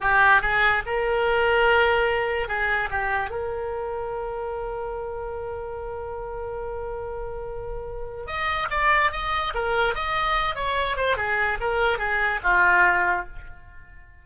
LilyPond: \new Staff \with { instrumentName = "oboe" } { \time 4/4 \tempo 4 = 145 g'4 gis'4 ais'2~ | ais'2 gis'4 g'4 | ais'1~ | ais'1~ |
ais'1 | dis''4 d''4 dis''4 ais'4 | dis''4. cis''4 c''8 gis'4 | ais'4 gis'4 f'2 | }